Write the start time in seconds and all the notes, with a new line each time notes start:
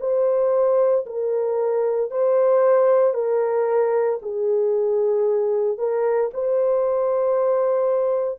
0.00 C5
1.06 A#4
2.11 C5
3.14 A#4
4.22 G#4
5.78 A#4
6.33 C5